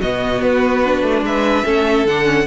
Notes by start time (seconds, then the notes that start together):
0.00 B2 B3 F#4 D#5
0.42 B3 B4
0.85 D4
1.03 A3
1.22 G#3 B4 E5
1.65 A3 C#4 A4
2.06 D3 D4 F#5
2.24 C#4